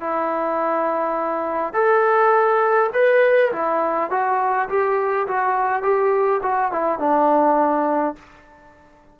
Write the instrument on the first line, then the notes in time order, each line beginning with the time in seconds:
trombone
0.00 E4
1.73 A4
2.93 B4
3.52 E4
4.10 F#4
4.69 G4
5.27 F#4
5.82 G4
6.42 F#4
6.71 E4
6.98 D4